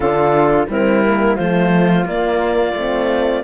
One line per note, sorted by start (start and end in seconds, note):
0.00 0.66 D3
0.00 0.68 D4
0.00 0.66 F4
0.00 0.67 A4
0.68 1.37 G3
0.68 1.04 C4
0.68 1.35 E4
0.68 1.36 A#4
1.04 1.37 A#3
1.35 2.04 F3
1.35 2.06 A3
1.35 3.42 F4
1.35 2.05 C5
2.04 2.73 A#3
2.04 2.76 A#3
2.04 3.43 D5
2.73 3.42 A3
2.73 3.43 C4